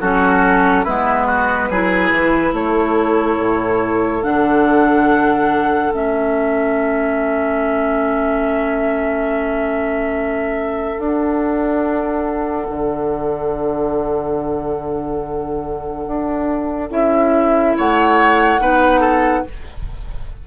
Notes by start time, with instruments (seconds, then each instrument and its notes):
0.00 bassoon F#3, clarinet C#4, oboe F#4, flute A4
0.84 bassoon G#3, clarinet B3, oboe E4, flute B4
1.26 oboe F#4
1.70 bassoon F#3, clarinet E4, oboe G#4
2.11 bassoon E3
2.52 bassoon A3, oboe A4, flute C#5
3.38 bassoon A2
4.23 bassoon D3, clarinet D4, flute F#5
5.91 bassoon A3, clarinet C#4, flute E5
10.98 bassoon D4, clarinet D4, flute F#5
12.70 bassoon D3
16.07 bassoon D4
16.90 bassoon C#4, clarinet E4, flute E5
17.77 bassoon A3, oboe C#5, flute F#5
18.59 bassoon B3, clarinet D#4, oboe B4
19.00 oboe A4